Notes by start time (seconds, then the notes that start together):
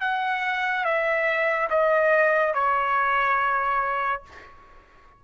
0.00 F#5
0.85 E5
1.70 D#5
2.54 C#5